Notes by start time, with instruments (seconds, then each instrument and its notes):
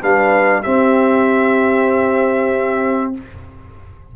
0.00 tuba G3, trombone D4, horn B4, trumpet F5
0.63 trombone C4, tuba C4, horn G4, trumpet E5